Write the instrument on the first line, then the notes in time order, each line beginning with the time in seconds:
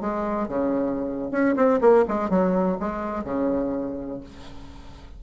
bassoon
0.00 G#3
0.48 C#3
1.31 C#4
1.56 C4
1.81 A#3
2.08 G#3
2.30 F#3
2.80 G#3
3.24 C#3